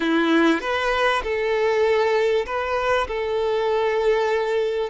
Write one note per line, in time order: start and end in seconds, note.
0.00 0.60 E4
0.61 1.22 B4
1.23 2.45 A4
2.46 3.07 B4
3.07 4.90 A4